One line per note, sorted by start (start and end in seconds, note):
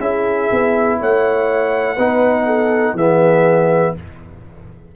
0.00 0.49 C#4
0.00 1.97 E4
0.00 0.99 G#4
0.00 0.99 E5
0.51 1.00 B3
0.99 1.98 A3
0.99 1.95 C#5
0.99 2.97 F#5
1.95 2.94 B3
1.95 2.97 D#4
1.95 2.45 B4
2.46 2.95 A4
2.94 3.92 E3
2.94 3.95 B3
2.94 3.94 G#4
2.94 3.96 E5